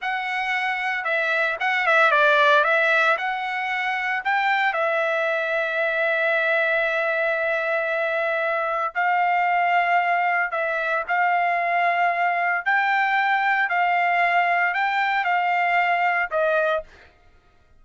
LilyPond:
\new Staff \with { instrumentName = "trumpet" } { \time 4/4 \tempo 4 = 114 fis''2 e''4 fis''8 e''8 | d''4 e''4 fis''2 | g''4 e''2.~ | e''1~ |
e''4 f''2. | e''4 f''2. | g''2 f''2 | g''4 f''2 dis''4 | }